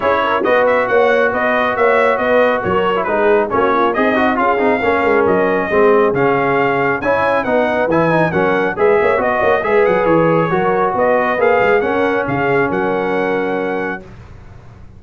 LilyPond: <<
  \new Staff \with { instrumentName = "trumpet" } { \time 4/4 \tempo 4 = 137 cis''4 dis''8 e''8 fis''4 dis''4 | e''4 dis''4 cis''4 b'4 | cis''4 dis''4 f''2 | dis''2 f''2 |
gis''4 fis''4 gis''4 fis''4 | e''4 dis''4 e''8 fis''8 cis''4~ | cis''4 dis''4 f''4 fis''4 | f''4 fis''2. | }
  \new Staff \with { instrumentName = "horn" } { \time 4/4 gis'8 ais'8 b'4 cis''4 b'4 | cis''4 b'4 ais'4 gis'4 | fis'8 f'8 dis'4 gis'4 ais'4~ | ais'4 gis'2. |
cis''4 b'2 ais'4 | b'8 cis''8 dis''8 cis''8 b'2 | ais'4 b'2 ais'4 | gis'4 ais'2. | }
  \new Staff \with { instrumentName = "trombone" } { \time 4/4 e'4 fis'2.~ | fis'2~ fis'8. e'16 dis'4 | cis'4 gis'8 fis'8 f'8 dis'8 cis'4~ | cis'4 c'4 cis'2 |
e'4 dis'4 e'8 dis'8 cis'4 | gis'4 fis'4 gis'2 | fis'2 gis'4 cis'4~ | cis'1 | }
  \new Staff \with { instrumentName = "tuba" } { \time 4/4 cis'4 b4 ais4 b4 | ais4 b4 fis4 gis4 | ais4 c'4 cis'8 c'8 ais8 gis8 | fis4 gis4 cis2 |
cis'4 b4 e4 fis4 | gis8 ais8 b8 ais8 gis8 fis8 e4 | fis4 b4 ais8 gis8 cis'4 | cis4 fis2. | }
>>